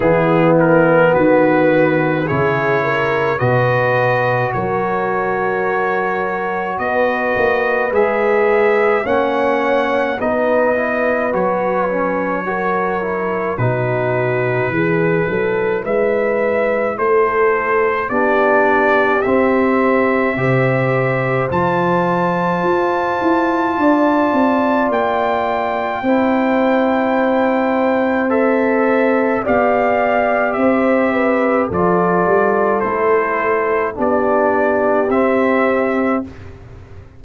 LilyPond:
<<
  \new Staff \with { instrumentName = "trumpet" } { \time 4/4 \tempo 4 = 53 gis'8 ais'8 b'4 cis''4 dis''4 | cis''2 dis''4 e''4 | fis''4 dis''4 cis''2 | b'2 e''4 c''4 |
d''4 e''2 a''4~ | a''2 g''2~ | g''4 e''4 f''4 e''4 | d''4 c''4 d''4 e''4 | }
  \new Staff \with { instrumentName = "horn" } { \time 4/4 e'4 fis'4 gis'8 ais'8 b'4 | ais'2 b'2 | cis''4 b'2 ais'4 | fis'4 gis'8 a'8 b'4 a'4 |
g'2 c''2~ | c''4 d''2 c''4~ | c''2 d''4 c''8 b'8 | a'2 g'2 | }
  \new Staff \with { instrumentName = "trombone" } { \time 4/4 b2 e'4 fis'4~ | fis'2. gis'4 | cis'4 dis'8 e'8 fis'8 cis'8 fis'8 e'8 | dis'4 e'2. |
d'4 c'4 g'4 f'4~ | f'2. e'4~ | e'4 a'4 g'2 | f'4 e'4 d'4 c'4 | }
  \new Staff \with { instrumentName = "tuba" } { \time 4/4 e4 dis4 cis4 b,4 | fis2 b8 ais8 gis4 | ais4 b4 fis2 | b,4 e8 fis8 gis4 a4 |
b4 c'4 c4 f4 | f'8 e'8 d'8 c'8 ais4 c'4~ | c'2 b4 c'4 | f8 g8 a4 b4 c'4 | }
>>